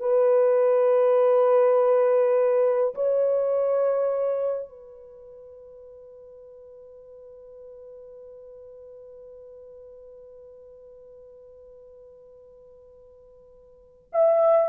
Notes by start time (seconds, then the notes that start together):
0.00 B4
2.95 C#5
4.70 B4
14.13 E5